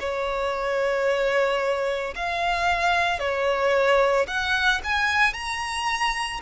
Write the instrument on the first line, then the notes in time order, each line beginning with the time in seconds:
violin
0.00 C#5
2.16 F5
3.19 C#5
4.28 F#5
4.84 G#5
5.33 A#5